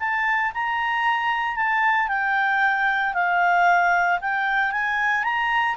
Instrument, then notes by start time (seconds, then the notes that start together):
clarinet
0.00 A5
0.55 A#5
1.56 A5
2.09 G5
3.14 F5
4.21 G5
4.72 G#5
5.24 A#5